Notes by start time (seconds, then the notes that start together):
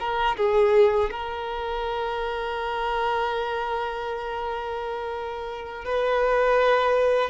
0.00 A#4
0.37 G#4
1.11 A#4
5.85 B4